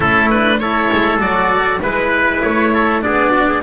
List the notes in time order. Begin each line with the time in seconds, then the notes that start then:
0.00 A3 C#4 E4 A4
0.30 D4 B4
0.59 E4 A4 C#5
0.92 G#3
1.18 F#3 F#4 D5
1.81 G#3 E4 B4
2.42 A3 C#5
2.73 A4
3.01 B3 D4 G#4 D5
3.31 F#4
3.47 G#4